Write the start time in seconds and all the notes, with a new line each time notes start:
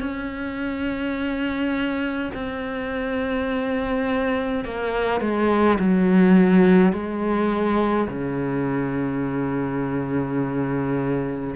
0.00 C#4
2.34 C4
4.65 A#3
5.21 G#3
5.80 F#3
6.92 G#3
8.08 C#3